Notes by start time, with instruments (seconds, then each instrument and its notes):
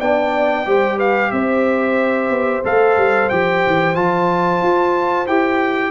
0.00 tuba B3, trombone D4, horn D5, trumpet G5
0.66 tuba G3, trombone G4, horn C5
0.97 horn B4, trumpet F5
1.32 tuba C4, horn C5, trumpet E5
2.30 tuba B3
2.65 tuba A3, trombone A4, trumpet F5
2.97 tuba G3
3.30 tuba F3, trombone G4, trumpet G5
3.67 tuba E3
3.95 tuba F3, trombone F4, trumpet A5
4.63 tuba F4
5.28 tuba E4, trombone G4, trumpet G5